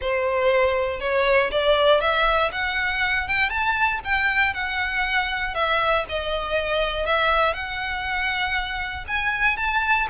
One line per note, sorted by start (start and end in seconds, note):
0.01 1.00 C5
1.00 1.50 C#5
1.51 2.00 D5
2.00 2.51 E5
2.52 3.28 F#5
3.28 3.49 G5
3.49 4.00 A5
4.04 4.53 G5
4.53 5.54 F#5
5.54 6.05 E5
6.08 7.06 D#5
7.06 7.53 E5
7.53 9.05 F#5
9.07 9.57 G#5
9.57 10.07 A5